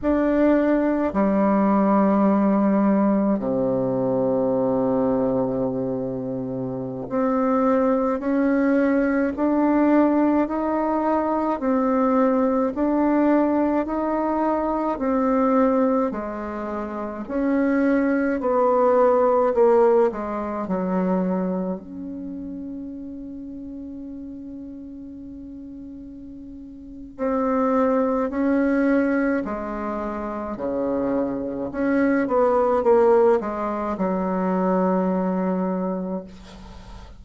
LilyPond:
\new Staff \with { instrumentName = "bassoon" } { \time 4/4 \tempo 4 = 53 d'4 g2 c4~ | c2~ c16 c'4 cis'8.~ | cis'16 d'4 dis'4 c'4 d'8.~ | d'16 dis'4 c'4 gis4 cis'8.~ |
cis'16 b4 ais8 gis8 fis4 cis'8.~ | cis'1 | c'4 cis'4 gis4 cis4 | cis'8 b8 ais8 gis8 fis2 | }